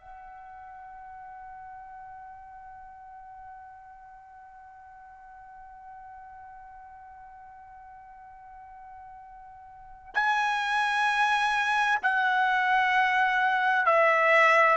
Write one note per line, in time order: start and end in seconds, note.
0.00 10.14 F#5
10.14 11.99 G#5
12.02 13.85 F#5
13.85 14.77 E5